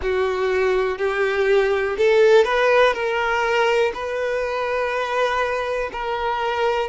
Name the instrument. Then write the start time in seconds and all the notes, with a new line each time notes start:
violin
0.02 F#4
0.98 G4
1.97 A4
2.44 B4
2.93 A#4
3.93 B4
5.92 A#4